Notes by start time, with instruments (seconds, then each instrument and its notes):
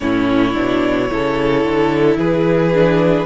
0.00 cello A2, viola C#4, violin E4 C#5
0.53 cello B2, viola D4
1.09 cello C#3, viola E4, violin A4
1.64 cello D3
2.16 cello E3, violin G#4 B4
2.73 viola D4